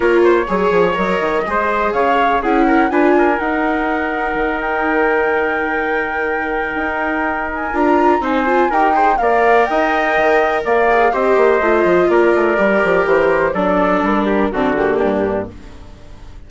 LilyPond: <<
  \new Staff \with { instrumentName = "flute" } { \time 4/4 \tempo 4 = 124 cis''2 dis''2 | f''4 fis''4 gis''4 fis''4~ | fis''4. g''2~ g''8~ | g''2.~ g''8 gis''8 |
ais''4 gis''4 g''4 f''4 | g''2 f''4 dis''4~ | dis''4 d''2 c''4 | d''4 ais'4 a'8 g'4. | }
  \new Staff \with { instrumentName = "trumpet" } { \time 4/4 ais'8 c''8 cis''2 c''4 | cis''4 gis'8 ais'8 b'8 ais'4.~ | ais'1~ | ais'1~ |
ais'4 c''4 ais'8 c''8 d''4 | dis''2 d''4 c''4~ | c''4 ais'2. | a'4. g'8 fis'4 d'4 | }
  \new Staff \with { instrumentName = "viola" } { \time 4/4 f'4 gis'4 ais'4 gis'4~ | gis'4 e'4 f'4 dis'4~ | dis'1~ | dis'1 |
f'4 dis'8 f'8 g'8 gis'8 ais'4~ | ais'2~ ais'8 gis'8 g'4 | f'2 g'2 | d'2 c'8 ais4. | }
  \new Staff \with { instrumentName = "bassoon" } { \time 4/4 ais4 fis8 f8 fis8 dis8 gis4 | cis4 cis'4 d'4 dis'4~ | dis'4 dis2.~ | dis2 dis'2 |
d'4 c'4 dis'4 ais4 | dis'4 dis4 ais4 c'8 ais8 | a8 f8 ais8 a8 g8 f8 e4 | fis4 g4 d4 g,4 | }
>>